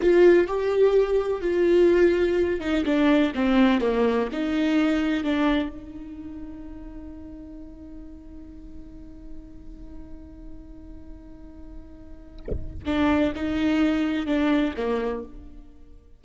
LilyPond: \new Staff \with { instrumentName = "viola" } { \time 4/4 \tempo 4 = 126 f'4 g'2 f'4~ | f'4. dis'8 d'4 c'4 | ais4 dis'2 d'4 | dis'1~ |
dis'1~ | dis'1~ | dis'2. d'4 | dis'2 d'4 ais4 | }